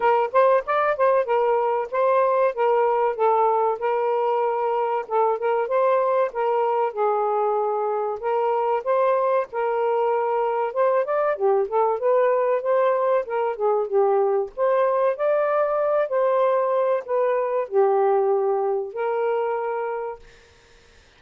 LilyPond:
\new Staff \with { instrumentName = "saxophone" } { \time 4/4 \tempo 4 = 95 ais'8 c''8 d''8 c''8 ais'4 c''4 | ais'4 a'4 ais'2 | a'8 ais'8 c''4 ais'4 gis'4~ | gis'4 ais'4 c''4 ais'4~ |
ais'4 c''8 d''8 g'8 a'8 b'4 | c''4 ais'8 gis'8 g'4 c''4 | d''4. c''4. b'4 | g'2 ais'2 | }